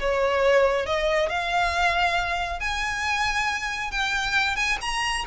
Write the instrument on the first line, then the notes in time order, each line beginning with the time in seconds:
violin
0.00 C#5
0.86 D#5
1.29 F5
2.60 G#5
3.91 G5
4.56 G#5
4.81 A#5